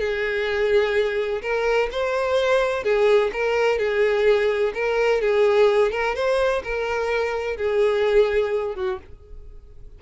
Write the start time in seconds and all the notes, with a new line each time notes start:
0.00 G#4
1.42 A#4
1.92 C5
2.84 G#4
3.33 A#4
3.79 G#4
4.74 A#4
5.21 G#4
5.92 A#4
6.15 C5
6.64 A#4
7.57 G#4
8.76 F#4